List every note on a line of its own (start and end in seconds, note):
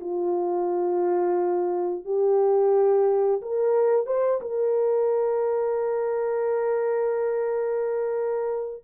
0.00 2.05 F4
2.05 3.41 G4
3.42 4.06 A#4
4.06 4.40 C5
4.41 8.84 A#4